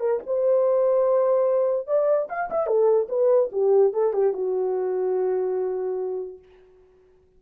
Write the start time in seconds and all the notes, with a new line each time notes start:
0.00 A#4
0.26 C5
1.87 D5
2.29 F5
2.50 E5
2.67 A4
3.09 B4
3.52 G4
3.93 A4
4.13 G4
4.33 F#4